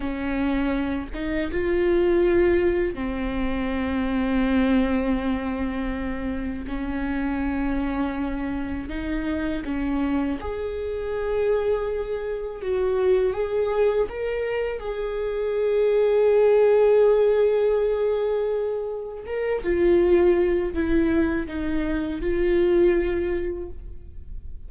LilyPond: \new Staff \with { instrumentName = "viola" } { \time 4/4 \tempo 4 = 81 cis'4. dis'8 f'2 | c'1~ | c'4 cis'2. | dis'4 cis'4 gis'2~ |
gis'4 fis'4 gis'4 ais'4 | gis'1~ | gis'2 ais'8 f'4. | e'4 dis'4 f'2 | }